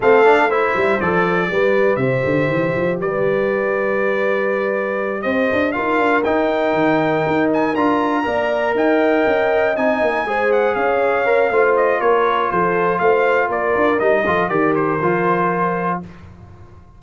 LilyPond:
<<
  \new Staff \with { instrumentName = "trumpet" } { \time 4/4 \tempo 4 = 120 f''4 e''4 d''2 | e''2 d''2~ | d''2~ d''8 dis''4 f''8~ | f''8 g''2~ g''8 gis''8 ais''8~ |
ais''4. g''2 gis''8~ | gis''4 fis''8 f''2 dis''8 | cis''4 c''4 f''4 d''4 | dis''4 d''8 c''2~ c''8 | }
  \new Staff \with { instrumentName = "horn" } { \time 4/4 a'4 c''2 b'4 | c''2 b'2~ | b'2~ b'8 c''4 ais'8~ | ais'1~ |
ais'8 d''4 dis''2~ dis''8~ | dis''8 c''4 cis''4. c''4 | ais'4 a'4 c''4 ais'4~ | ais'8 a'8 ais'2. | }
  \new Staff \with { instrumentName = "trombone" } { \time 4/4 c'8 d'8 e'4 a'4 g'4~ | g'1~ | g'2.~ g'8 f'8~ | f'8 dis'2. f'8~ |
f'8 ais'2. dis'8~ | dis'8 gis'2 ais'8 f'4~ | f'1 | dis'8 f'8 g'4 f'2 | }
  \new Staff \with { instrumentName = "tuba" } { \time 4/4 a4. g8 f4 g4 | c8 d8 e8 f8 g2~ | g2~ g8 c'8 d'8 dis'8 | d'8 dis'4 dis4 dis'4 d'8~ |
d'8 ais4 dis'4 cis'4 c'8 | ais8 gis4 cis'4. a4 | ais4 f4 a4 ais8 d'8 | g8 f8 dis4 f2 | }
>>